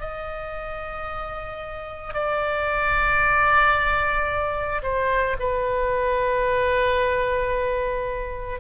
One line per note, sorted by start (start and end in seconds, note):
0.00 2.14 D#5
2.14 4.82 D5
4.83 5.36 C5
5.39 8.60 B4